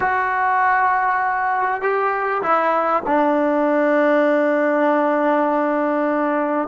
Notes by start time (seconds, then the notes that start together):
0.00 F#4
1.81 G4
2.42 E4
3.06 D4